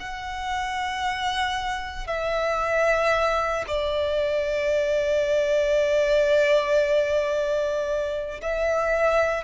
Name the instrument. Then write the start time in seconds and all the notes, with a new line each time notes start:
violin
0.00 F#5
2.07 E5
3.67 D5
8.42 E5